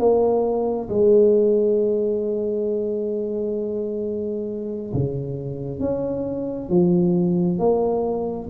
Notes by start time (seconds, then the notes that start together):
0.00 A#3
0.90 G#3
4.94 C#3
5.80 C#4
6.70 F3
7.60 A#3